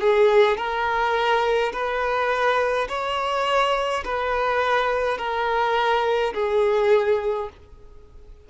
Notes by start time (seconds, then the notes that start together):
0.00 G#4
0.57 A#4
1.73 B4
2.88 C#5
4.04 B4
5.18 A#4
6.34 G#4